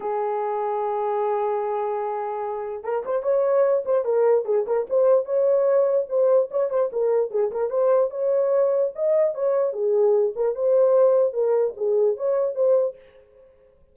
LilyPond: \new Staff \with { instrumentName = "horn" } { \time 4/4 \tempo 4 = 148 gis'1~ | gis'2. ais'8 c''8 | cis''4. c''8 ais'4 gis'8 ais'8 | c''4 cis''2 c''4 |
cis''8 c''8 ais'4 gis'8 ais'8 c''4 | cis''2 dis''4 cis''4 | gis'4. ais'8 c''2 | ais'4 gis'4 cis''4 c''4 | }